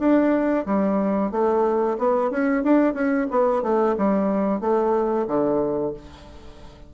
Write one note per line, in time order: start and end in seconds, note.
0.00 0.66 D4
0.66 1.32 G3
1.32 1.98 A3
1.99 2.31 B3
2.31 2.64 C#4
2.64 2.94 D4
2.94 3.27 C#4
3.31 3.63 B3
3.63 3.96 A3
3.98 4.61 G3
4.61 5.27 A3
5.28 5.94 D3